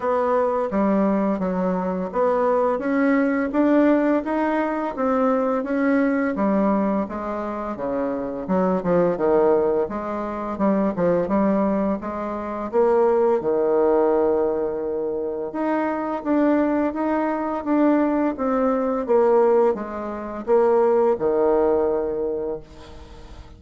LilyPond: \new Staff \with { instrumentName = "bassoon" } { \time 4/4 \tempo 4 = 85 b4 g4 fis4 b4 | cis'4 d'4 dis'4 c'4 | cis'4 g4 gis4 cis4 | fis8 f8 dis4 gis4 g8 f8 |
g4 gis4 ais4 dis4~ | dis2 dis'4 d'4 | dis'4 d'4 c'4 ais4 | gis4 ais4 dis2 | }